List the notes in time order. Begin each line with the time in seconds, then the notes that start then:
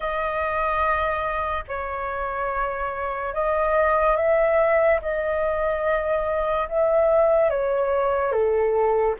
0.00 D#5
1.67 C#5
3.34 D#5
4.16 E5
5.01 D#5
6.69 E5
7.50 C#5
8.31 A4